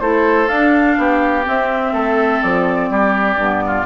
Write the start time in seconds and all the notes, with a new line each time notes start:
0.00 A3 E4 A4 C5
0.48 D4 F5
0.98 B3 G4
1.44 C4 E5
1.93 A3 A4
2.42 F3 D5
2.90 G3 G4
3.37 G2 B3
3.67 F4